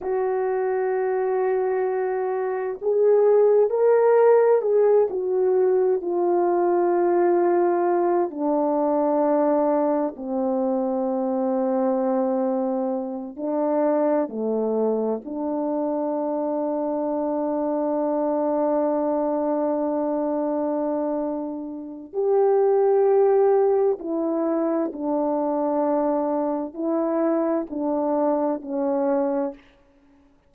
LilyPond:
\new Staff \with { instrumentName = "horn" } { \time 4/4 \tempo 4 = 65 fis'2. gis'4 | ais'4 gis'8 fis'4 f'4.~ | f'4 d'2 c'4~ | c'2~ c'8 d'4 a8~ |
a8 d'2.~ d'8~ | d'1 | g'2 e'4 d'4~ | d'4 e'4 d'4 cis'4 | }